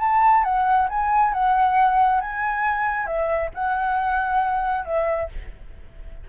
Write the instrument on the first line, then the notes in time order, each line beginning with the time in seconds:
flute
0.00 A5
0.44 F#5
0.89 G#5
1.33 F#5
2.21 G#5
3.06 E5
3.54 F#5
4.85 E5